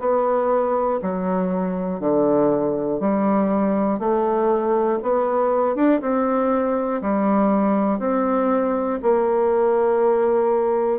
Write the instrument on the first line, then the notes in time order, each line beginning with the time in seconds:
bassoon
0.00 B3
1.03 F#3
2.01 D3
3.01 G3
4.00 A3
5.03 B3
5.76 D4
6.01 C4
7.02 G3
8.00 C4
9.03 A#3